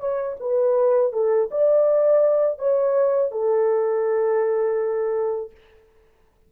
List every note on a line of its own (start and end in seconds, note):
0.00 0.37 C#5
0.40 1.13 B4
1.13 1.50 A4
1.51 2.59 D5
2.59 3.32 C#5
3.32 5.51 A4